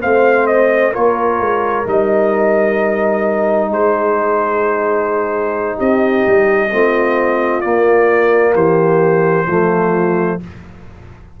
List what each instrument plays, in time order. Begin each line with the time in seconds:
0.00 tuba A3, trombone C4, horn C5, trumpet F5
0.46 trumpet D#5
0.92 tuba A#3, trombone F4, horn A#4, trumpet C#5
1.39 tuba G#3
1.84 tuba G3, trombone D#4, trumpet D#5
3.69 tuba G#3, horn G#4, trumpet C5
5.76 tuba C4, horn G4, trumpet D#5
6.26 tuba G3
6.70 tuba A3, trombone C4, horn F4
7.60 trombone A#3, tuba A#3, trumpet D5
8.54 tuba E3, horn G4, trumpet C5
9.47 tuba F3, trombone A3, horn F4